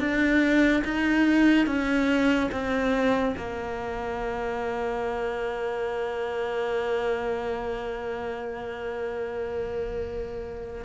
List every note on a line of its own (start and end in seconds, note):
0.00 0.83 D4
0.85 1.67 D#4
1.67 2.50 C#4
2.52 3.36 C4
3.37 10.85 A#3